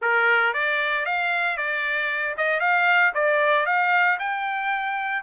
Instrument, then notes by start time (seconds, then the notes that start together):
trumpet
0.01 A#4
0.53 D5
1.05 F5
1.57 D5
2.37 D#5
2.60 F5
3.14 D5
3.66 F5
4.19 G5